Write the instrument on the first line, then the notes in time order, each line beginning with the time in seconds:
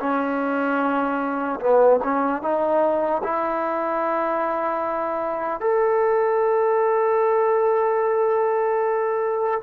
trombone
0.00 C#4
1.61 B3
2.04 C#4
2.43 D#4
3.24 E4
5.61 A4